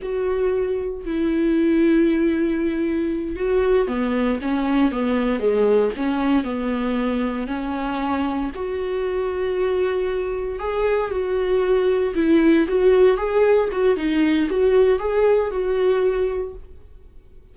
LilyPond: \new Staff \with { instrumentName = "viola" } { \time 4/4 \tempo 4 = 116 fis'2 e'2~ | e'2~ e'8 fis'4 b8~ | b8 cis'4 b4 gis4 cis'8~ | cis'8 b2 cis'4.~ |
cis'8 fis'2.~ fis'8~ | fis'8 gis'4 fis'2 e'8~ | e'8 fis'4 gis'4 fis'8 dis'4 | fis'4 gis'4 fis'2 | }